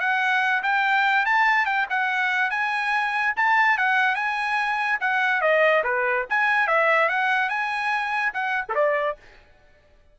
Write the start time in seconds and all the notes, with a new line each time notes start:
0.00 F#5
0.63 G5
1.26 A5
1.66 G5
1.90 F#5
2.50 G#5
3.36 A5
3.77 F#5
4.16 G#5
5.01 F#5
5.41 D#5
5.84 B4
6.30 G#5
6.67 E5
7.09 F#5
7.49 G#5
8.34 F#5
8.69 A4
8.75 D5